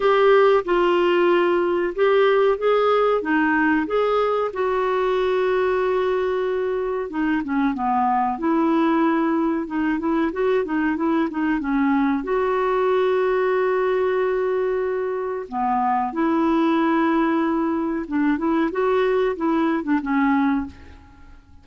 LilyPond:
\new Staff \with { instrumentName = "clarinet" } { \time 4/4 \tempo 4 = 93 g'4 f'2 g'4 | gis'4 dis'4 gis'4 fis'4~ | fis'2. dis'8 cis'8 | b4 e'2 dis'8 e'8 |
fis'8 dis'8 e'8 dis'8 cis'4 fis'4~ | fis'1 | b4 e'2. | d'8 e'8 fis'4 e'8. d'16 cis'4 | }